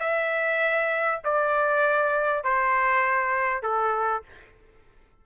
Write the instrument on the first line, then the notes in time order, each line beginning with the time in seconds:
trumpet
0.00 E5
1.24 D5
2.44 C5
3.63 A4